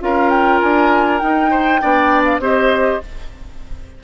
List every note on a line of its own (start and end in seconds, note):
0.00 0.61 C#4
0.00 1.20 F4
0.00 1.51 A#4
0.00 0.29 F5
0.29 0.59 G5
0.60 1.22 D4
0.60 1.19 G#5
1.19 1.82 D#4
1.19 1.81 D#4
1.19 2.23 G5
1.51 1.80 C5
1.81 2.39 B3
1.81 2.41 D4
1.81 2.41 D5
2.24 2.39 F5
2.39 2.99 C4
2.39 3.01 G4
2.39 3.01 C5
2.39 3.03 D#5